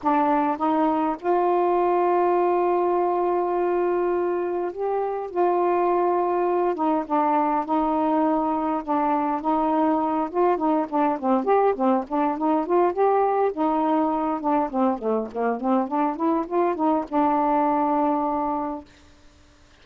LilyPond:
\new Staff \with { instrumentName = "saxophone" } { \time 4/4 \tempo 4 = 102 d'4 dis'4 f'2~ | f'1 | g'4 f'2~ f'8 dis'8 | d'4 dis'2 d'4 |
dis'4. f'8 dis'8 d'8 c'8 g'8 | c'8 d'8 dis'8 f'8 g'4 dis'4~ | dis'8 d'8 c'8 a8 ais8 c'8 d'8 e'8 | f'8 dis'8 d'2. | }